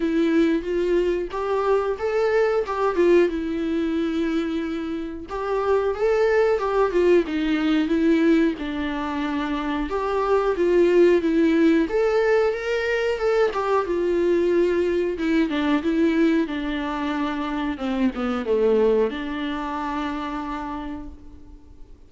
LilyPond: \new Staff \with { instrumentName = "viola" } { \time 4/4 \tempo 4 = 91 e'4 f'4 g'4 a'4 | g'8 f'8 e'2. | g'4 a'4 g'8 f'8 dis'4 | e'4 d'2 g'4 |
f'4 e'4 a'4 ais'4 | a'8 g'8 f'2 e'8 d'8 | e'4 d'2 c'8 b8 | a4 d'2. | }